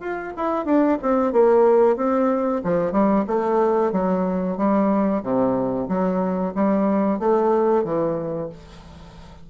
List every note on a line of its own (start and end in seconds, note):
0.00 0.33 F4
0.37 0.65 E4
0.65 0.98 D4
1.02 1.32 C4
1.32 1.97 A#3
1.97 2.62 C4
2.64 2.92 F3
2.92 3.25 G3
3.27 3.92 A3
3.92 4.57 F#3
4.57 5.22 G3
5.23 5.88 C3
5.88 6.54 F#3
6.55 7.19 G3
7.19 7.84 A3
7.84 8.49 E3